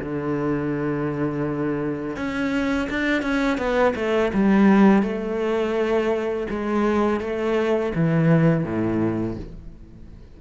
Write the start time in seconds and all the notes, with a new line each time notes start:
0.00 D3
2.17 C#4
2.90 D4
3.23 C#4
3.58 B3
3.96 A3
4.34 G3
5.03 A3
6.50 G#3
7.21 A3
7.96 E3
8.65 A2